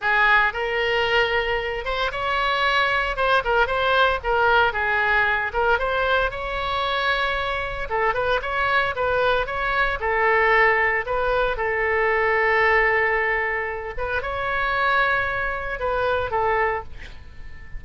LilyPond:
\new Staff \with { instrumentName = "oboe" } { \time 4/4 \tempo 4 = 114 gis'4 ais'2~ ais'8 c''8 | cis''2 c''8 ais'8 c''4 | ais'4 gis'4. ais'8 c''4 | cis''2. a'8 b'8 |
cis''4 b'4 cis''4 a'4~ | a'4 b'4 a'2~ | a'2~ a'8 b'8 cis''4~ | cis''2 b'4 a'4 | }